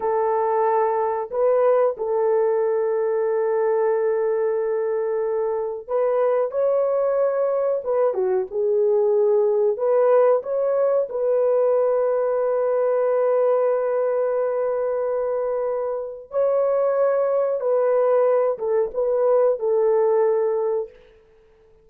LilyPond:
\new Staff \with { instrumentName = "horn" } { \time 4/4 \tempo 4 = 92 a'2 b'4 a'4~ | a'1~ | a'4 b'4 cis''2 | b'8 fis'8 gis'2 b'4 |
cis''4 b'2.~ | b'1~ | b'4 cis''2 b'4~ | b'8 a'8 b'4 a'2 | }